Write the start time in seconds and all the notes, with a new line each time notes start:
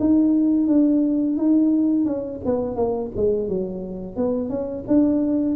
0.00 D#4
0.67 D4
1.36 D#4
2.05 C#4
2.45 B3
2.76 A#3
3.16 G#3
3.49 F#3
4.16 B3
4.49 C#4
4.87 D4